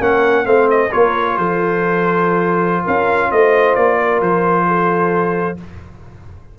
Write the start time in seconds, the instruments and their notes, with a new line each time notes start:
0.00 tuba A#3, trombone C#4, horn A#4, trumpet F#5
0.45 tuba A3, trombone C4, horn C5, trumpet F5
0.70 trumpet D#5
0.91 tuba A#3, trombone F4, horn A#4, trumpet C#5
1.38 tuba F3, horn A4, trumpet C5
2.84 tuba C#4, horn A#4, trumpet F5
3.30 tuba A3, horn C5, trumpet D#5
3.75 tuba A#3, trumpet D5
3.97 horn A#4
4.21 tuba F3, trumpet C5
4.67 horn A4